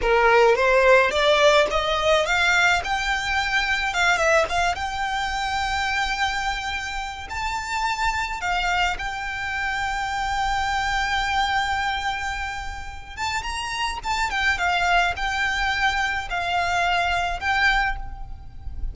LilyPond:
\new Staff \with { instrumentName = "violin" } { \time 4/4 \tempo 4 = 107 ais'4 c''4 d''4 dis''4 | f''4 g''2 f''8 e''8 | f''8 g''2.~ g''8~ | g''4 a''2 f''4 |
g''1~ | g''2.~ g''8 a''8 | ais''4 a''8 g''8 f''4 g''4~ | g''4 f''2 g''4 | }